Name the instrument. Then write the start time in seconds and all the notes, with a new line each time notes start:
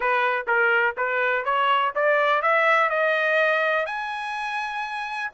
trumpet
0.00 B4
0.47 A#4
0.97 B4
1.45 C#5
1.95 D5
2.41 E5
2.89 D#5
3.86 G#5